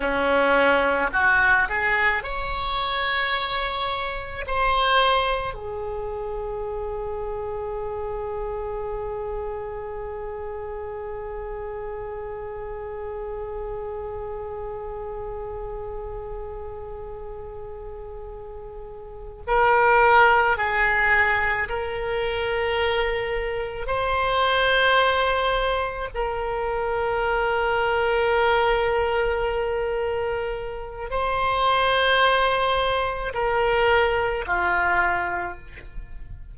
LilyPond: \new Staff \with { instrumentName = "oboe" } { \time 4/4 \tempo 4 = 54 cis'4 fis'8 gis'8 cis''2 | c''4 gis'2.~ | gis'1~ | gis'1~ |
gis'4. ais'4 gis'4 ais'8~ | ais'4. c''2 ais'8~ | ais'1 | c''2 ais'4 f'4 | }